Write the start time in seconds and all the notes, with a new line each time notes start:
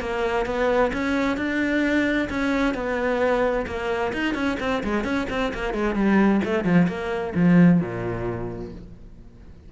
0.00 A#3
0.45 B3
0.93 C#4
1.37 D4
2.29 C#4
2.74 B3
3.66 A#3
4.13 D#4
4.34 C#4
4.60 C4
4.83 G#3
5.04 C#4
5.29 C4
5.53 A#3
5.73 G#3
5.95 G3
6.44 A3
6.64 F3
6.87 A#3
7.34 F3
7.80 A#2